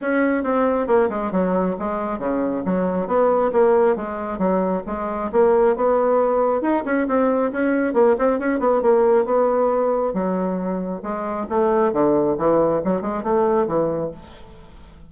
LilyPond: \new Staff \with { instrumentName = "bassoon" } { \time 4/4 \tempo 4 = 136 cis'4 c'4 ais8 gis8 fis4 | gis4 cis4 fis4 b4 | ais4 gis4 fis4 gis4 | ais4 b2 dis'8 cis'8 |
c'4 cis'4 ais8 c'8 cis'8 b8 | ais4 b2 fis4~ | fis4 gis4 a4 d4 | e4 fis8 gis8 a4 e4 | }